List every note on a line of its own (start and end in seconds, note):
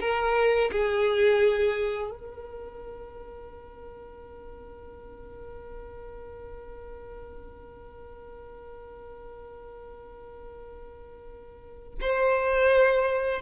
0.00 0.71 A#4
0.72 2.10 G#4
2.10 11.98 A#4
12.01 13.41 C5